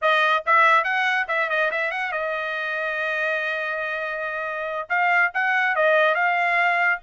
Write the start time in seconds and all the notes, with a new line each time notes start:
0.01 D#5
0.46 E5
0.84 F#5
1.28 E5
1.49 D#5
1.71 E5
1.91 F#5
2.12 D#5
4.89 F5
5.33 F#5
5.75 D#5
6.15 F5